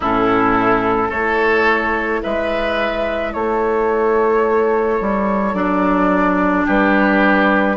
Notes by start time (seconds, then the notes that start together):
0.00 A2 C#4 E4 A4
1.08 A3 E4 A4 C#5
2.22 G#3 B4 E5
3.33 A3 A4 C#5
5.00 G3
5.53 F#3 D4 D5
6.65 G3 G4 B4